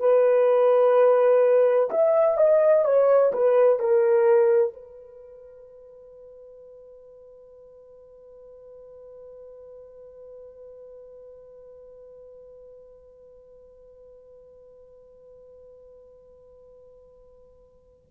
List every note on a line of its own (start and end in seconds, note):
0.00 1.90 B4
1.91 2.38 E5
2.38 2.85 D#5
2.85 3.33 C#5
3.33 3.80 B4
3.80 4.74 A#4
4.74 18.07 B4